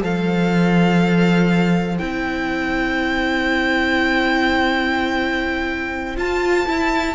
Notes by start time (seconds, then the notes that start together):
0.00 F3 A4 C5 F5
1.99 C4 E4 G5
6.17 F4 A5
6.67 E4